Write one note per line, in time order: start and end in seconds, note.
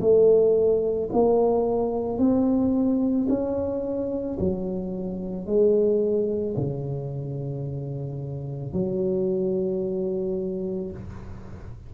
0.00 1.09 A3
1.12 2.18 A#3
2.18 3.27 C4
3.28 4.37 C#4
4.39 5.46 F#3
5.46 6.55 G#3
6.56 8.73 C#3
8.73 10.91 F#3